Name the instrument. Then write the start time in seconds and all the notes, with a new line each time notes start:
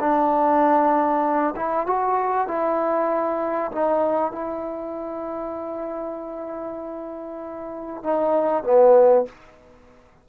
trombone
0.00 D4
1.56 E4
1.87 F#4
2.47 E4
3.71 D#4
4.32 E4
8.03 D#4
8.63 B3